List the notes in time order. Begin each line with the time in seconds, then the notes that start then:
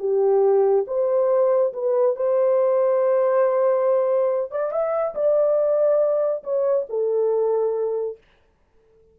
0.00 G4
0.88 C5
1.74 B4
2.17 C5
4.51 D5
4.72 E5
5.15 D5
6.44 C#5
6.90 A4